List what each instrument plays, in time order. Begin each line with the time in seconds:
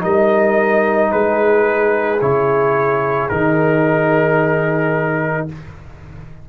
0.00 tuba G3, trombone D#4, horn A#4, trumpet D#5
1.12 tuba G#3, horn G#4, trumpet B4
2.21 tuba C#3, trombone E4, trumpet C#5
3.29 tuba D#3, trombone D#4, trumpet A#4